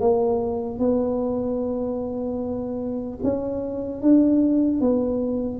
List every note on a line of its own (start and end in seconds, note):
0.00 0.79 A#3
0.79 3.19 B3
3.23 4.01 C#4
4.01 4.80 D4
4.80 5.59 B3